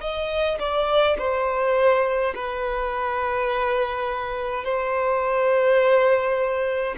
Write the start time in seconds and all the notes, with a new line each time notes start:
0.00 D#5
0.59 D5
1.18 C5
2.34 B4
4.64 C5